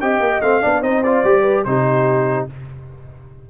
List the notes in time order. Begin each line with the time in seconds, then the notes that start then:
0.00 C4 G4 D#5 G5
0.20 A#3
0.41 A3 C4 F5
0.61 B3 D4 D5
0.81 C4 D#4 C5 D#5
1.03 F4 D5
1.24 G3 G4
1.41 B4
1.64 C3 D#4 G4 C5